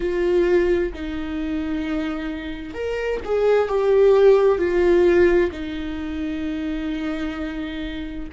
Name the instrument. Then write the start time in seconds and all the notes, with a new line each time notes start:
viola
0.00 F4
0.93 D#4
2.74 A#4
3.24 G#4
3.68 G4
4.58 F4
5.52 D#4